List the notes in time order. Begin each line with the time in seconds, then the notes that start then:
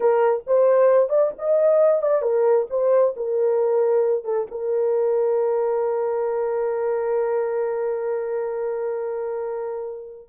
0.00 A#4
0.46 C5
1.09 D5
1.38 D#5
2.01 D5
2.22 A#4
2.69 C5
3.16 A#4
4.24 A4
4.50 A#4